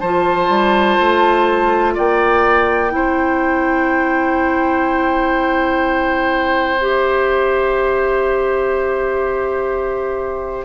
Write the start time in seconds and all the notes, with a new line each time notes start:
0.00 F3 F4 C5 A5
0.49 G3
1.01 A3
1.95 A#3 D5 G5
2.90 C4 E4 C5
6.81 G4 E5